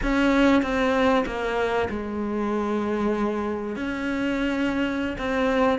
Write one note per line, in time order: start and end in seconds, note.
0.02 0.62 C#4
0.62 1.24 C4
1.26 1.88 A#3
1.89 3.76 G#3
3.76 5.16 C#4
5.18 5.78 C4